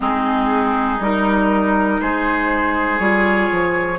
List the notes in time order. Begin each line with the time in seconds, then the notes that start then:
0.00 G#3 C4 D#4 G#4
0.99 G3 D#4 A#4
2.00 G#3 G#4 C5
2.99 G3 F4 C#5
3.51 F3